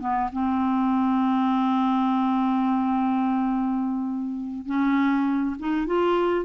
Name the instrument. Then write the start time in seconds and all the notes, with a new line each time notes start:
clarinet
0.00 B3
0.32 C4
4.66 C#4
5.59 D#4
5.87 F4